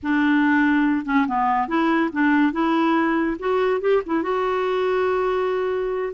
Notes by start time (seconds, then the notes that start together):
0.02 D4
1.05 C#4
1.27 B3
1.67 E4
2.12 D4
2.52 E4
3.39 F#4
3.80 G4
4.05 E4
4.23 F#4